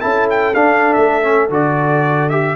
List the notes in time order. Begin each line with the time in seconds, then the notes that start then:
0.00 C#4 E4 A4 A5
0.30 G5
0.54 D4 F5
0.93 A3 E5
1.22 C#4
1.49 D3 F#4 D5
2.29 G4 E5